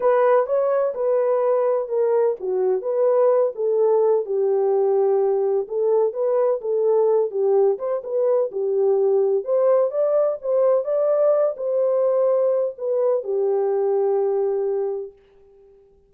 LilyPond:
\new Staff \with { instrumentName = "horn" } { \time 4/4 \tempo 4 = 127 b'4 cis''4 b'2 | ais'4 fis'4 b'4. a'8~ | a'4 g'2. | a'4 b'4 a'4. g'8~ |
g'8 c''8 b'4 g'2 | c''4 d''4 c''4 d''4~ | d''8 c''2~ c''8 b'4 | g'1 | }